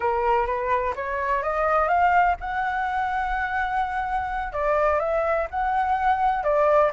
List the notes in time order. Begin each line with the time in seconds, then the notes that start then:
0.00 A#4
0.46 B4
0.95 C#5
1.42 D#5
1.88 F5
2.40 F#5
4.53 D5
4.99 E5
5.50 F#5
6.43 D5